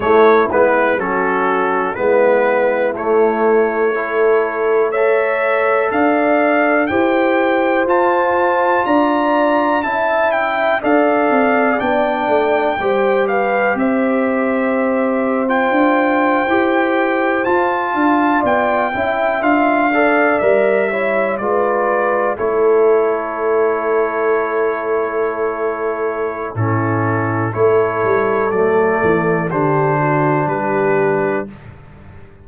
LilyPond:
<<
  \new Staff \with { instrumentName = "trumpet" } { \time 4/4 \tempo 4 = 61 cis''8 b'8 a'4 b'4 cis''4~ | cis''4 e''4 f''4 g''4 | a''4 ais''4 a''8 g''8 f''4 | g''4. f''8 e''4.~ e''16 g''16~ |
g''4.~ g''16 a''4 g''4 f''16~ | f''8. e''4 d''4 cis''4~ cis''16~ | cis''2. a'4 | cis''4 d''4 c''4 b'4 | }
  \new Staff \with { instrumentName = "horn" } { \time 4/4 e'4 fis'4 e'2 | a'4 cis''4 d''4 c''4~ | c''4 d''4 e''4 d''4~ | d''4 c''8 b'8 c''2~ |
c''2~ c''16 f''8 d''8 e''8.~ | e''16 d''4 cis''8 b'4 a'4~ a'16~ | a'2. e'4 | a'2 g'8 fis'8 g'4 | }
  \new Staff \with { instrumentName = "trombone" } { \time 4/4 a8 b8 cis'4 b4 a4 | e'4 a'2 g'4 | f'2 e'4 a'4 | d'4 g'2~ g'8. f'16~ |
f'8. g'4 f'4. e'8 f'16~ | f'16 a'8 ais'8 e'8 f'4 e'4~ e'16~ | e'2. cis'4 | e'4 a4 d'2 | }
  \new Staff \with { instrumentName = "tuba" } { \time 4/4 a8 gis8 fis4 gis4 a4~ | a2 d'4 e'4 | f'4 d'4 cis'4 d'8 c'8 | b8 a8 g4 c'2 |
d'8. e'4 f'8 d'8 b8 cis'8 d'16~ | d'8. g4 gis4 a4~ a16~ | a2. a,4 | a8 g8 fis8 e8 d4 g4 | }
>>